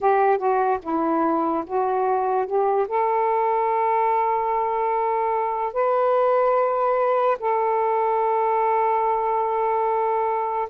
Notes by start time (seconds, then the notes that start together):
0.00 G4
0.37 F#4
0.82 E4
1.66 F#4
2.46 G4
2.88 A4
5.73 B4
7.39 A4